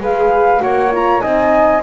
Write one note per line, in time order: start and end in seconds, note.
0.00 0.61 G#3
0.00 0.59 G#4
0.00 0.62 B4
0.00 0.61 F5
0.59 1.22 A#3
0.59 0.89 F#4
0.59 1.21 C#5
0.59 0.92 F#5
0.91 1.21 F4
0.91 1.20 A#5
1.20 1.82 C4
1.20 1.82 D#4
1.20 1.82 D#5
1.20 1.81 G#5